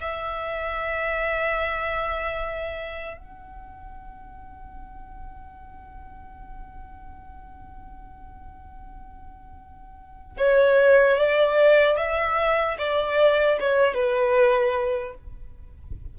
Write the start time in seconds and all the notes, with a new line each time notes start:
0.00 E5
3.17 F#5
10.37 C#5
11.17 D5
11.97 E5
12.78 D5
13.60 C#5
13.94 B4